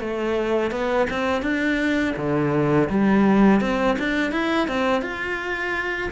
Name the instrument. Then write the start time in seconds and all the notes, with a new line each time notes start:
cello
0.00 A3
0.71 B3
1.10 C4
1.42 D4
2.17 D3
2.90 G3
3.61 C4
3.99 D4
4.32 E4
4.68 C4
5.02 F4